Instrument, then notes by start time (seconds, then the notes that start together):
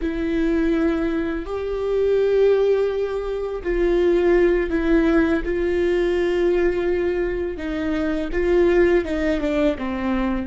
viola
0.01 E4
1.45 G4
3.63 F4
4.70 E4
5.44 F4
7.57 D#4
8.32 F4
9.04 D#4
9.40 D4
9.78 C4